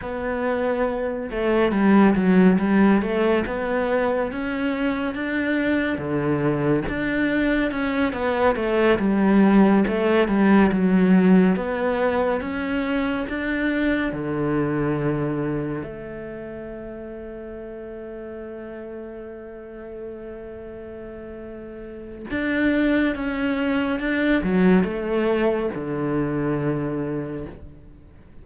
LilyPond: \new Staff \with { instrumentName = "cello" } { \time 4/4 \tempo 4 = 70 b4. a8 g8 fis8 g8 a8 | b4 cis'4 d'4 d4 | d'4 cis'8 b8 a8 g4 a8 | g8 fis4 b4 cis'4 d'8~ |
d'8 d2 a4.~ | a1~ | a2 d'4 cis'4 | d'8 fis8 a4 d2 | }